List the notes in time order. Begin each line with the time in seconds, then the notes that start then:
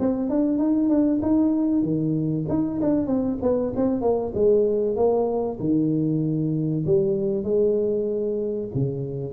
0.00 C4
0.30 D4
0.59 D#4
0.90 D4
1.22 D#4
1.83 D#3
2.49 D#4
2.82 D4
3.07 C4
3.42 B3
3.76 C4
4.02 A#3
4.35 G#3
4.96 A#3
5.60 D#3
6.86 G3
7.44 G#3
8.75 C#3